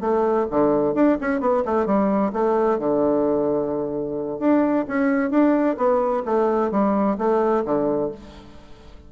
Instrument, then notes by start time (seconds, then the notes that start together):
bassoon
0.00 A3
0.50 D3
0.94 D4
1.20 C#4
1.40 B3
1.65 A3
1.85 G3
2.33 A3
2.78 D3
4.39 D4
4.87 C#4
5.30 D4
5.77 B3
6.25 A3
6.71 G3
7.18 A3
7.65 D3